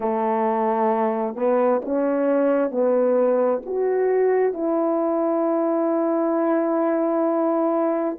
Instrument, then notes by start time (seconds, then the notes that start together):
horn
0.00 A3
1.35 B3
1.84 C#4
2.71 B3
3.65 F#4
4.53 E4